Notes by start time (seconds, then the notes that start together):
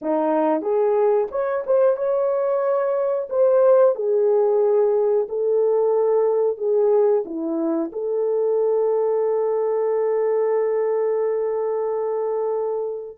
0.01 D#4
0.61 G#4
1.31 C#5
1.66 C5
1.96 C#5
3.29 C5
3.95 G#4
5.29 A4
6.57 G#4
7.25 E4
7.92 A4